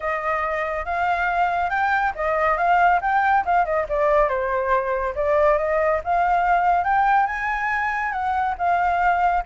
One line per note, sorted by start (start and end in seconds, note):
0.00 0.85 D#5
0.85 1.70 F5
1.70 2.13 G5
2.15 2.57 D#5
2.57 3.00 F5
3.01 3.44 G5
3.45 3.65 F5
3.65 3.86 D#5
3.88 4.29 D5
4.29 5.14 C5
5.15 5.58 D5
5.58 6.00 D#5
6.04 6.84 F5
6.84 7.26 G5
7.26 8.12 G#5
8.12 8.55 F#5
8.57 9.43 F5